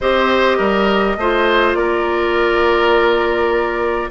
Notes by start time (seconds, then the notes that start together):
0.00 C4 G4 C5 D#5
0.57 G3 A#4
1.17 A3 F4 C5
1.74 A#3 A#4 D5